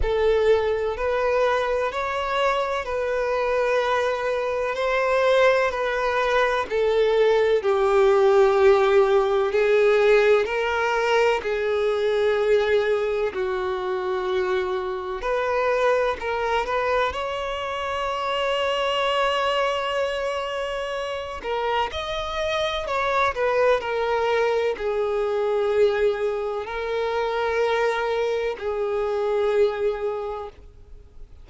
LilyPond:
\new Staff \with { instrumentName = "violin" } { \time 4/4 \tempo 4 = 63 a'4 b'4 cis''4 b'4~ | b'4 c''4 b'4 a'4 | g'2 gis'4 ais'4 | gis'2 fis'2 |
b'4 ais'8 b'8 cis''2~ | cis''2~ cis''8 ais'8 dis''4 | cis''8 b'8 ais'4 gis'2 | ais'2 gis'2 | }